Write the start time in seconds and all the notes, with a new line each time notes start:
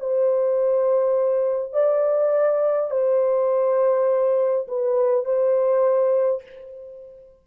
0.00 C5
1.73 D5
2.90 C5
4.67 B4
5.25 C5